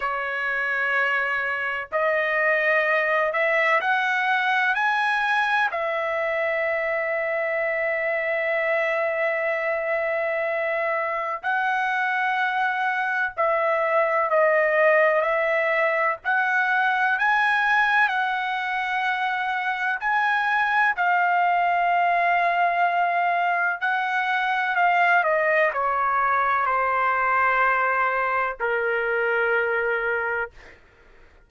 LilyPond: \new Staff \with { instrumentName = "trumpet" } { \time 4/4 \tempo 4 = 63 cis''2 dis''4. e''8 | fis''4 gis''4 e''2~ | e''1 | fis''2 e''4 dis''4 |
e''4 fis''4 gis''4 fis''4~ | fis''4 gis''4 f''2~ | f''4 fis''4 f''8 dis''8 cis''4 | c''2 ais'2 | }